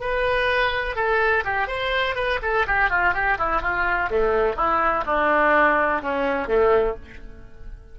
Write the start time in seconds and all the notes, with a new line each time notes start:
0.00 B4
0.96 A4
1.44 G4
1.67 C5
2.15 B4
2.42 A4
2.67 G4
2.90 F4
3.14 G4
3.38 E4
3.61 F4
4.10 A3
4.56 E4
5.06 D4
6.02 C#4
6.47 A3